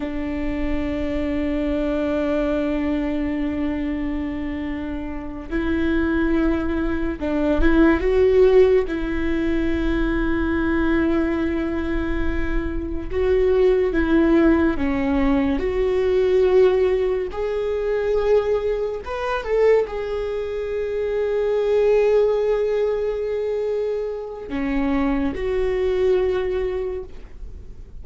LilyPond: \new Staff \with { instrumentName = "viola" } { \time 4/4 \tempo 4 = 71 d'1~ | d'2~ d'8 e'4.~ | e'8 d'8 e'8 fis'4 e'4.~ | e'2.~ e'8 fis'8~ |
fis'8 e'4 cis'4 fis'4.~ | fis'8 gis'2 b'8 a'8 gis'8~ | gis'1~ | gis'4 cis'4 fis'2 | }